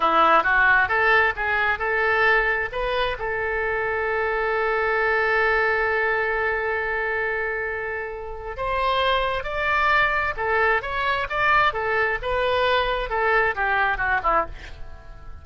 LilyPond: \new Staff \with { instrumentName = "oboe" } { \time 4/4 \tempo 4 = 133 e'4 fis'4 a'4 gis'4 | a'2 b'4 a'4~ | a'1~ | a'1~ |
a'2. c''4~ | c''4 d''2 a'4 | cis''4 d''4 a'4 b'4~ | b'4 a'4 g'4 fis'8 e'8 | }